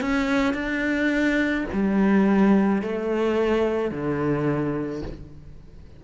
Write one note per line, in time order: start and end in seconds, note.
0.00 0.53 C#4
0.53 1.64 D4
1.72 2.82 G3
2.82 3.91 A3
3.91 5.02 D3